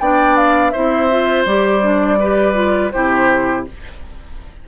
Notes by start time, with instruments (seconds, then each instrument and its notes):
0.00 bassoon B3, clarinet D4, oboe D5, flute G5
0.37 flute F5
0.71 bassoon C4, clarinet E4, oboe C5, flute E5
1.11 clarinet F4
1.45 bassoon G3, clarinet G4, flute D5
1.82 clarinet D4
2.19 clarinet G4, oboe B4
2.54 clarinet F4
2.91 bassoon C3, clarinet E4, oboe G4, flute C5